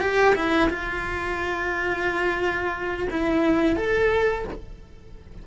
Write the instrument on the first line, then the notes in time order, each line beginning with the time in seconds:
cello
0.00 G4
0.35 E4
0.69 F4
3.10 E4
3.76 A4